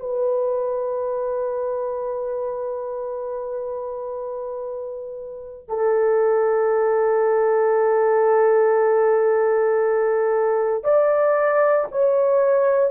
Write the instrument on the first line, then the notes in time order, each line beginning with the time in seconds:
horn
0.00 B4
5.68 A4
10.84 D5
11.91 C#5